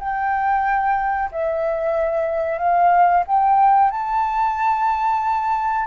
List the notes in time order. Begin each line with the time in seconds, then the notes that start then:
0.00 G5
1.32 E5
2.59 F5
3.27 G5
3.92 A5